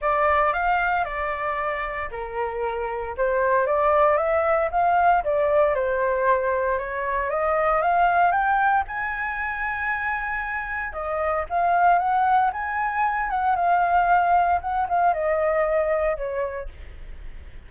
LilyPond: \new Staff \with { instrumentName = "flute" } { \time 4/4 \tempo 4 = 115 d''4 f''4 d''2 | ais'2 c''4 d''4 | e''4 f''4 d''4 c''4~ | c''4 cis''4 dis''4 f''4 |
g''4 gis''2.~ | gis''4 dis''4 f''4 fis''4 | gis''4. fis''8 f''2 | fis''8 f''8 dis''2 cis''4 | }